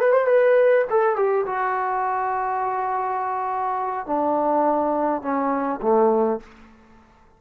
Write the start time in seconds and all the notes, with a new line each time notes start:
0.00 B4
0.13 C5
0.27 B4
0.90 A4
1.16 G4
1.46 F#4
4.06 D4
5.22 C#4
5.82 A3